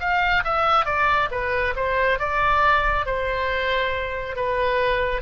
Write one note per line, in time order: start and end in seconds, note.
0.00 0.43 F5
0.44 0.85 E5
0.85 1.29 D5
1.31 1.74 B4
1.76 2.19 C5
2.19 3.06 D5
3.06 4.36 C5
4.36 5.21 B4